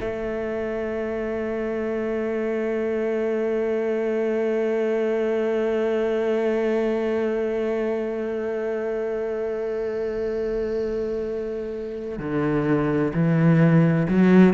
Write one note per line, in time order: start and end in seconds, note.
0.00 12.18 A3
12.18 13.12 D3
13.13 14.07 E3
14.08 14.53 F#3